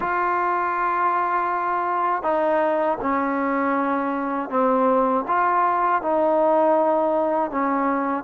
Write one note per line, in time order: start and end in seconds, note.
0.00 2.23 F4
2.23 2.98 D#4
3.01 4.49 C#4
4.49 5.24 C4
5.27 6.01 F4
6.01 7.50 D#4
7.50 8.23 C#4